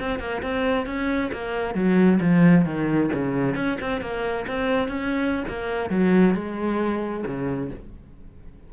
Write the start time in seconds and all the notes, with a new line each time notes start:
0.00 C4
0.19 A#3
0.42 C4
0.86 C#4
1.32 A#3
1.74 F#3
2.21 F3
2.65 D#3
3.13 C#3
3.55 C#4
3.80 C4
4.01 A#3
4.47 C4
4.88 C#4
5.48 A#3
5.90 F#3
6.35 G#3
7.26 C#3